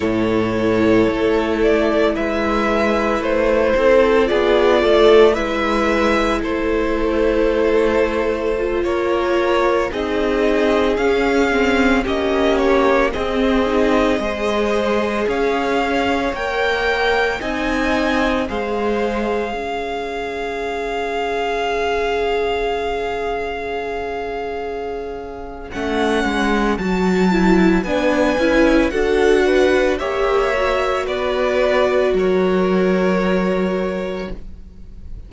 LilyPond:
<<
  \new Staff \with { instrumentName = "violin" } { \time 4/4 \tempo 4 = 56 cis''4. d''8 e''4 c''4 | d''4 e''4 c''2~ | c''16 cis''4 dis''4 f''4 dis''8 cis''16~ | cis''16 dis''2 f''4 g''8.~ |
g''16 gis''4 f''2~ f''8.~ | f''1 | fis''4 a''4 gis''4 fis''4 | e''4 d''4 cis''2 | }
  \new Staff \with { instrumentName = "violin" } { \time 4/4 a'2 b'4. a'8 | gis'8 a'8 b'4 a'2~ | a'16 ais'4 gis'2 g'8.~ | g'16 gis'4 c''4 cis''4.~ cis''16~ |
cis''16 dis''4 c''4 cis''4.~ cis''16~ | cis''1~ | cis''2 b'4 a'8 b'8 | cis''4 b'4 ais'2 | }
  \new Staff \with { instrumentName = "viola" } { \time 4/4 e'1 | f'4 e'2. | f'4~ f'16 dis'4 cis'8 c'8 cis'8.~ | cis'16 c'8 dis'8 gis'2 ais'8.~ |
ais'16 dis'4 gis'2~ gis'8.~ | gis'1 | cis'4 fis'8 e'8 d'8 e'8 fis'4 | g'8 fis'2.~ fis'8 | }
  \new Staff \with { instrumentName = "cello" } { \time 4/4 a,4 a4 gis4 a8 c'8 | b8 a8 gis4 a2~ | a16 ais4 c'4 cis'4 ais8.~ | ais16 c'4 gis4 cis'4 ais8.~ |
ais16 c'4 gis4 cis'4.~ cis'16~ | cis'1 | a8 gis8 fis4 b8 cis'8 d'4 | ais4 b4 fis2 | }
>>